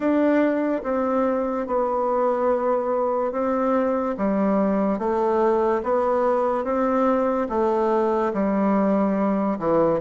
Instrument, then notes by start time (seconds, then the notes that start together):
bassoon
0.00 D4
0.83 C4
1.67 B3
3.32 C4
4.17 G3
4.98 A3
5.83 B3
6.64 C4
7.48 A3
8.33 G3
9.58 E3